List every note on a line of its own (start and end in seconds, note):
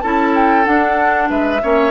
0.00 0.66 C#4
0.00 0.64 E4
0.00 1.29 A4
0.00 0.32 A5
0.34 0.65 G5
0.64 1.59 D4
0.64 1.30 D4
0.64 1.28 F#5
1.29 1.61 G#3
1.29 1.61 B4
1.29 1.90 E5
1.62 1.90 A#3
1.62 1.90 C#4
1.62 1.90 C#5